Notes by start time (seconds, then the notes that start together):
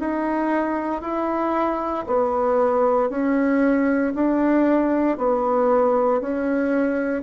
0.00 D#4
1.02 E4
2.07 B3
3.10 C#4
4.15 D4
5.18 B3
6.21 C#4